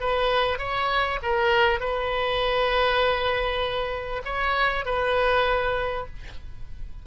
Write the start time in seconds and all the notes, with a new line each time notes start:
0.00 B4
0.59 C#5
1.23 A#4
1.80 B4
4.25 C#5
4.85 B4